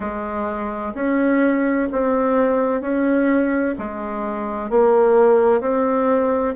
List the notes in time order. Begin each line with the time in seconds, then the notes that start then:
0.00 G#3
0.94 C#4
1.92 C4
2.81 C#4
3.78 G#3
4.70 A#3
5.60 C4